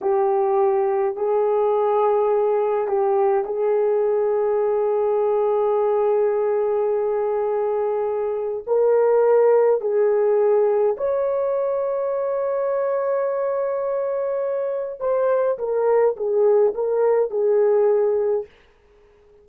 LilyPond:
\new Staff \with { instrumentName = "horn" } { \time 4/4 \tempo 4 = 104 g'2 gis'2~ | gis'4 g'4 gis'2~ | gis'1~ | gis'2. ais'4~ |
ais'4 gis'2 cis''4~ | cis''1~ | cis''2 c''4 ais'4 | gis'4 ais'4 gis'2 | }